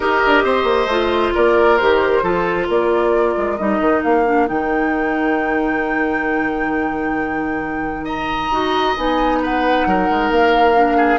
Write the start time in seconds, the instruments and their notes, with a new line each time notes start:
0.00 bassoon D#4, clarinet G4, oboe A#4, flute D#5
0.26 bassoon D4
0.43 bassoon C4, oboe C5
0.63 bassoon A#3
0.85 bassoon A3, clarinet F4
1.34 bassoon A#3, oboe A#4, flute D5
1.77 bassoon D#3, clarinet G4, flute C5
2.22 bassoon F3, clarinet F4, oboe A4
2.67 bassoon A#3, oboe A#4, flute D5
3.37 bassoon G#3
3.57 bassoon G3, clarinet D#4, flute D#5
3.79 bassoon D#3
4.03 bassoon A#3, flute F5
4.25 clarinet D4
4.46 bassoon D#3, clarinet D#4, flute G5
8.04 oboe D#5, flute A#5
8.51 bassoon D#4, clarinet F#4
8.96 bassoon B3, clarinet D#4, flute G#5
9.42 oboe B4, flute F#5
9.86 bassoon F#3, oboe A#4
10.10 bassoon G#3
10.30 bassoon A#3, flute F5
10.74 clarinet D4
10.97 oboe G#4